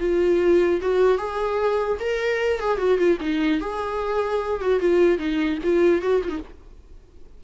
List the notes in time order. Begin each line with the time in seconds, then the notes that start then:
0.00 F4
0.81 F#4
1.18 G#4
2.00 A#4
2.60 G#4
2.78 F#4
2.98 F4
3.20 D#4
3.61 G#4
4.61 F#4
4.80 F4
5.18 D#4
5.64 F4
6.02 F#4
6.23 D#4 F4